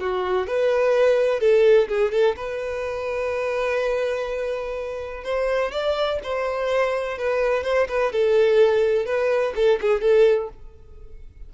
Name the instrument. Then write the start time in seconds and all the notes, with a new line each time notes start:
violin
0.00 F#4
0.47 B4
1.40 A4
1.89 G#4
2.12 A4
2.36 B4
5.24 C5
5.72 D5
6.23 C5
7.18 B4
7.64 C5
7.89 B4
8.13 A4
9.06 B4
9.56 A4
9.81 G#4
10.01 A4